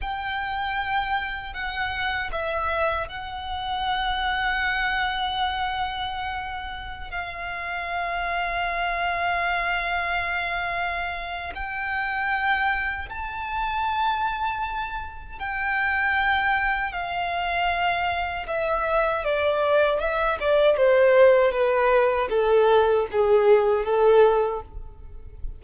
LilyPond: \new Staff \with { instrumentName = "violin" } { \time 4/4 \tempo 4 = 78 g''2 fis''4 e''4 | fis''1~ | fis''4~ fis''16 f''2~ f''8.~ | f''2. g''4~ |
g''4 a''2. | g''2 f''2 | e''4 d''4 e''8 d''8 c''4 | b'4 a'4 gis'4 a'4 | }